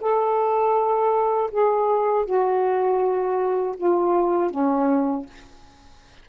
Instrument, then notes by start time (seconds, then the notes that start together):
saxophone
0.00 A4
1.51 G#4
2.25 F#4
3.76 F4
4.50 C#4